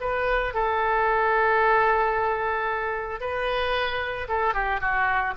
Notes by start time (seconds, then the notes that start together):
0.00 B4
0.53 A4
3.20 B4
4.28 A4
4.53 G4
4.80 F#4